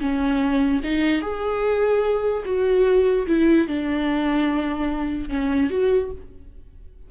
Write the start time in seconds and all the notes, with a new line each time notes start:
0.00 C#4
0.84 D#4
1.21 G#4
2.45 F#4
3.27 E4
3.67 D4
5.29 C#4
5.70 F#4